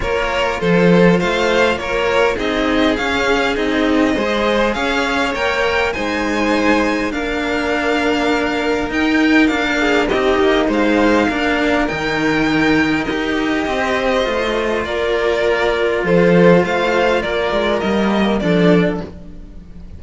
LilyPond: <<
  \new Staff \with { instrumentName = "violin" } { \time 4/4 \tempo 4 = 101 cis''4 c''4 f''4 cis''4 | dis''4 f''4 dis''2 | f''4 g''4 gis''2 | f''2. g''4 |
f''4 dis''4 f''2 | g''2 dis''2~ | dis''4 d''2 c''4 | f''4 d''4 dis''4 d''4 | }
  \new Staff \with { instrumentName = "violin" } { \time 4/4 ais'4 a'4 c''4 ais'4 | gis'2. c''4 | cis''2 c''2 | ais'1~ |
ais'8 gis'8 g'4 c''4 ais'4~ | ais'2. c''4~ | c''4 ais'2 a'4 | c''4 ais'2 a'4 | }
  \new Staff \with { instrumentName = "cello" } { \time 4/4 f'1 | dis'4 cis'4 dis'4 gis'4~ | gis'4 ais'4 dis'2 | d'2. dis'4 |
d'4 dis'2 d'4 | dis'2 g'2 | f'1~ | f'2 ais4 d'4 | }
  \new Staff \with { instrumentName = "cello" } { \time 4/4 ais4 f4 a4 ais4 | c'4 cis'4 c'4 gis4 | cis'4 ais4 gis2 | ais2. dis'4 |
ais4 c'8 ais8 gis4 ais4 | dis2 dis'4 c'4 | a4 ais2 f4 | a4 ais8 gis8 g4 f4 | }
>>